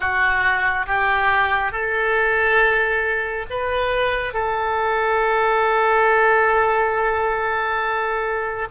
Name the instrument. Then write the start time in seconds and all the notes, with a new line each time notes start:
oboe
0.00 F#4
0.86 G4
1.72 A4
3.50 B4
4.33 A4